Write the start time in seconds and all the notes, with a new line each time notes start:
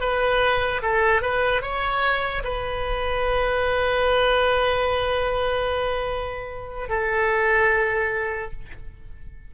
0.00 B4
0.82 A4
1.22 B4
1.62 C#5
2.44 B4
6.89 A4